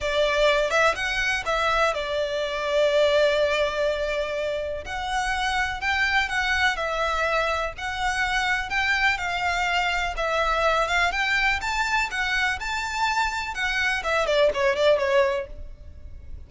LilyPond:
\new Staff \with { instrumentName = "violin" } { \time 4/4 \tempo 4 = 124 d''4. e''8 fis''4 e''4 | d''1~ | d''2 fis''2 | g''4 fis''4 e''2 |
fis''2 g''4 f''4~ | f''4 e''4. f''8 g''4 | a''4 fis''4 a''2 | fis''4 e''8 d''8 cis''8 d''8 cis''4 | }